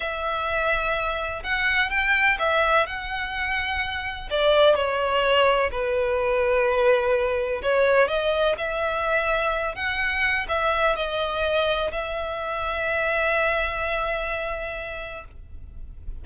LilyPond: \new Staff \with { instrumentName = "violin" } { \time 4/4 \tempo 4 = 126 e''2. fis''4 | g''4 e''4 fis''2~ | fis''4 d''4 cis''2 | b'1 |
cis''4 dis''4 e''2~ | e''8 fis''4. e''4 dis''4~ | dis''4 e''2.~ | e''1 | }